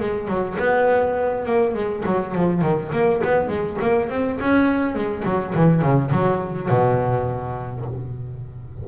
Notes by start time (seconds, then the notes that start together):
0.00 G#3
0.28 F#3
0.59 B3
1.46 A#3
1.75 G#3
2.06 F#3
2.35 F3
2.62 D#3
2.93 A#3
3.24 B3
3.48 G#3
3.82 A#3
4.10 C4
4.40 C#4
4.95 G#3
5.25 F#3
5.54 E3
5.82 C#3
6.12 F#3
6.69 B2